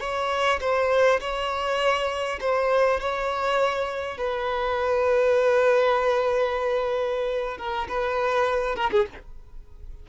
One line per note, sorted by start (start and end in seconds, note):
0.00 0.59 C#5
0.60 1.20 C5
1.20 2.39 C#5
2.40 3.00 C5
3.00 4.17 C#5
4.17 7.58 B4
7.58 7.87 A#4
7.88 8.75 B4
8.75 8.90 A#4
8.91 9.06 G#4